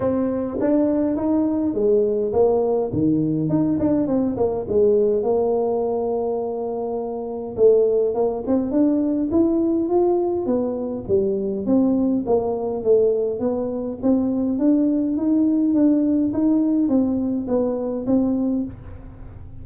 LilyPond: \new Staff \with { instrumentName = "tuba" } { \time 4/4 \tempo 4 = 103 c'4 d'4 dis'4 gis4 | ais4 dis4 dis'8 d'8 c'8 ais8 | gis4 ais2.~ | ais4 a4 ais8 c'8 d'4 |
e'4 f'4 b4 g4 | c'4 ais4 a4 b4 | c'4 d'4 dis'4 d'4 | dis'4 c'4 b4 c'4 | }